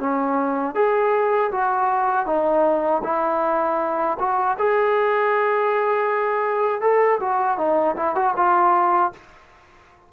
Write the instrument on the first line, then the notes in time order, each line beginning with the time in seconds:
trombone
0.00 C#4
0.75 G#4
1.52 F#4
2.26 D#4
3.04 E4
4.19 F#4
4.58 G#4
6.81 A4
7.20 F#4
7.58 D#4
7.97 E4
8.15 F#4
8.37 F4